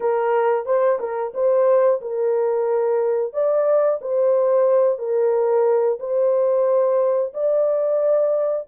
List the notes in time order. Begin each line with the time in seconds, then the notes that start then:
0.00 A#4
0.65 C5
0.99 A#4
1.34 C5
2.01 A#4
3.33 D5
4.01 C5
4.98 A#4
5.99 C5
7.33 D5